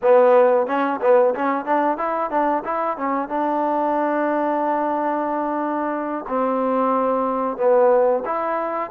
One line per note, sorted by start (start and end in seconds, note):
0.01 0.67 B3
0.67 1.00 C#4
1.01 1.34 B3
1.35 1.65 C#4
1.65 1.97 D4
1.97 2.30 E4
2.30 2.63 D4
2.64 2.97 E4
2.97 3.28 C#4
3.28 6.25 D4
6.28 7.57 C4
7.57 8.23 B3
8.25 8.90 E4